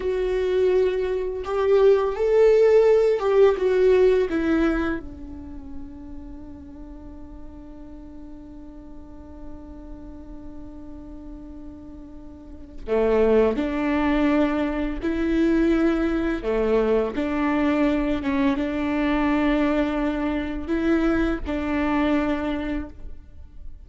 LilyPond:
\new Staff \with { instrumentName = "viola" } { \time 4/4 \tempo 4 = 84 fis'2 g'4 a'4~ | a'8 g'8 fis'4 e'4 d'4~ | d'1~ | d'1~ |
d'2 a4 d'4~ | d'4 e'2 a4 | d'4. cis'8 d'2~ | d'4 e'4 d'2 | }